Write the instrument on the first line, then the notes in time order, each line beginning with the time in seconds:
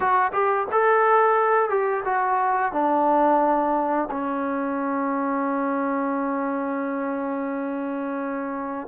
trombone
0.00 F#4
0.32 G4
0.71 A4
1.69 G4
2.05 F#4
2.72 D4
4.10 C#4